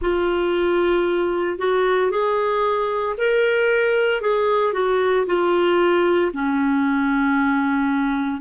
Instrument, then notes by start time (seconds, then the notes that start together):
clarinet
0.01 F4
1.58 F#4
2.11 G#4
3.17 A#4
4.21 G#4
4.73 F#4
5.26 F4
6.33 C#4